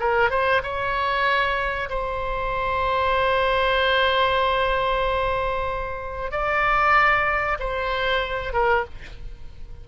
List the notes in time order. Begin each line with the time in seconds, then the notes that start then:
0.00 A#4
0.30 C5
0.63 C#5
1.89 C5
6.32 D5
7.60 C5
8.53 A#4